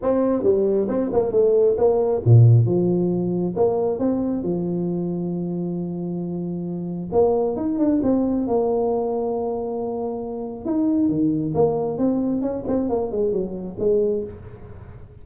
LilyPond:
\new Staff \with { instrumentName = "tuba" } { \time 4/4 \tempo 4 = 135 c'4 g4 c'8 ais8 a4 | ais4 ais,4 f2 | ais4 c'4 f2~ | f1 |
ais4 dis'8 d'8 c'4 ais4~ | ais1 | dis'4 dis4 ais4 c'4 | cis'8 c'8 ais8 gis8 fis4 gis4 | }